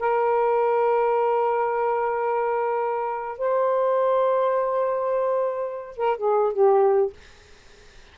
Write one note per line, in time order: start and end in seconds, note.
0.00 3.39 A#4
3.39 5.97 C5
5.97 6.17 A#4
6.18 6.54 G#4
6.54 7.14 G4